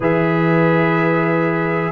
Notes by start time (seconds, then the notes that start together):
0.00 E3 G#4 B4 E5